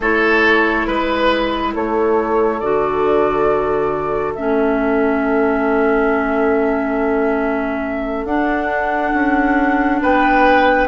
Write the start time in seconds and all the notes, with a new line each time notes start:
0.00 A3 E4 A4 C#5
0.86 G#3 B4
1.73 A3 A4 C#5
2.59 D3 F#4 D5
4.34 A3 C#4 E5
8.24 D4 F#5
9.13 C#4
10.01 B3 B4 G5